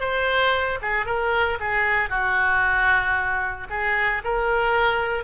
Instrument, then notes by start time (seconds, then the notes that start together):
oboe
0.00 C5
0.82 G#4
1.06 A#4
1.60 G#4
2.09 F#4
3.69 G#4
4.24 A#4